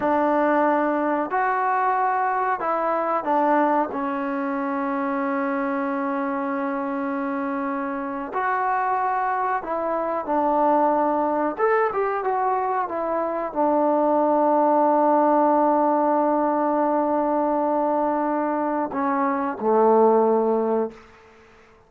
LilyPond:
\new Staff \with { instrumentName = "trombone" } { \time 4/4 \tempo 4 = 92 d'2 fis'2 | e'4 d'4 cis'2~ | cis'1~ | cis'8. fis'2 e'4 d'16~ |
d'4.~ d'16 a'8 g'8 fis'4 e'16~ | e'8. d'2.~ d'16~ | d'1~ | d'4 cis'4 a2 | }